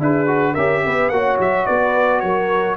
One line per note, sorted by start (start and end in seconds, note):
0.00 0.56 D4
0.00 0.27 E4
0.00 0.53 G#4
0.00 0.54 B4
0.27 0.55 F#4
0.53 0.85 C#4
0.53 1.12 G4
0.53 0.81 A#4
0.53 1.09 E5
0.86 1.10 B3
0.86 1.14 B4
1.09 1.38 A#3
1.09 2.77 F#4
1.09 1.67 C#5
1.09 1.37 F#5
1.39 1.66 F#3
1.39 1.66 E5
1.66 2.23 B3
1.66 2.22 B4
1.66 2.20 D5
2.20 2.77 F#3
2.20 2.77 A#4
2.20 2.75 C#5